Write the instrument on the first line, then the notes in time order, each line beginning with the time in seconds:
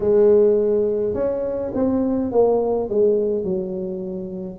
tuba
0.00 G#3
1.13 C#4
1.74 C4
2.31 A#3
2.88 G#3
3.44 F#3